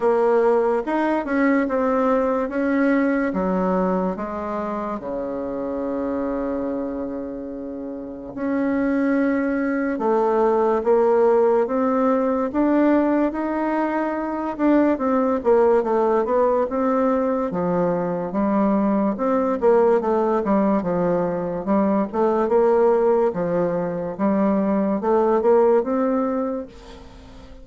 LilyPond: \new Staff \with { instrumentName = "bassoon" } { \time 4/4 \tempo 4 = 72 ais4 dis'8 cis'8 c'4 cis'4 | fis4 gis4 cis2~ | cis2 cis'2 | a4 ais4 c'4 d'4 |
dis'4. d'8 c'8 ais8 a8 b8 | c'4 f4 g4 c'8 ais8 | a8 g8 f4 g8 a8 ais4 | f4 g4 a8 ais8 c'4 | }